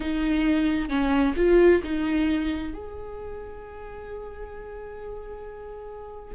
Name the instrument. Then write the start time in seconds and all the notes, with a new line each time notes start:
viola
0.00 D#4
0.88 C#4
1.36 F4
1.83 D#4
2.73 G#4